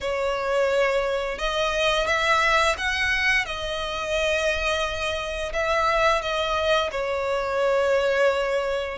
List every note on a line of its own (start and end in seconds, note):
0.01 1.38 C#5
1.38 2.06 D#5
2.06 2.75 E5
2.77 3.45 F#5
3.45 5.52 D#5
5.53 6.21 E5
6.21 6.90 D#5
6.91 8.97 C#5